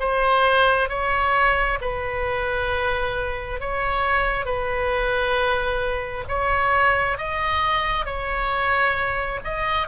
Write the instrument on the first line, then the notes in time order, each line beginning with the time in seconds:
oboe
0.00 C5
0.89 C#5
1.81 B4
3.60 C#5
4.45 B4
6.28 C#5
7.18 D#5
8.06 C#5
9.44 D#5